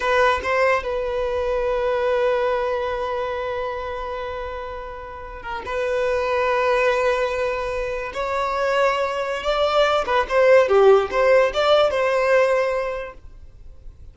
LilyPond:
\new Staff \with { instrumentName = "violin" } { \time 4/4 \tempo 4 = 146 b'4 c''4 b'2~ | b'1~ | b'1~ | b'4~ b'16 ais'8 b'2~ b'16~ |
b'2.~ b'8. cis''16~ | cis''2. d''4~ | d''8 b'8 c''4 g'4 c''4 | d''4 c''2. | }